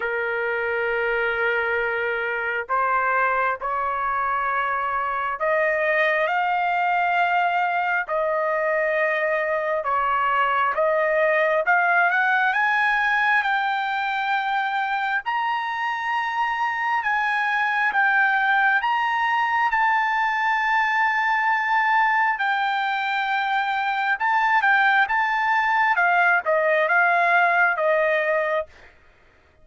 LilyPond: \new Staff \with { instrumentName = "trumpet" } { \time 4/4 \tempo 4 = 67 ais'2. c''4 | cis''2 dis''4 f''4~ | f''4 dis''2 cis''4 | dis''4 f''8 fis''8 gis''4 g''4~ |
g''4 ais''2 gis''4 | g''4 ais''4 a''2~ | a''4 g''2 a''8 g''8 | a''4 f''8 dis''8 f''4 dis''4 | }